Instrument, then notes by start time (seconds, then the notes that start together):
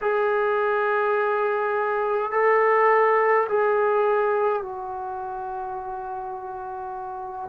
trombone
0.01 G#4
2.31 A4
3.48 G#4
4.62 F#4